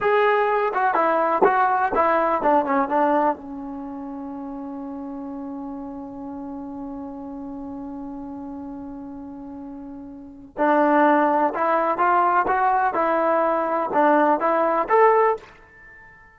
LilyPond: \new Staff \with { instrumentName = "trombone" } { \time 4/4 \tempo 4 = 125 gis'4. fis'8 e'4 fis'4 | e'4 d'8 cis'8 d'4 cis'4~ | cis'1~ | cis'1~ |
cis'1~ | cis'2 d'2 | e'4 f'4 fis'4 e'4~ | e'4 d'4 e'4 a'4 | }